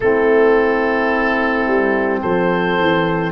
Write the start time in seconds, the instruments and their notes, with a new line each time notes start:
0.00 tuba A3, saxophone C4, horn E4, oboe A4
1.66 tuba G3
2.21 tuba F3, horn A4, oboe C5
2.78 tuba E3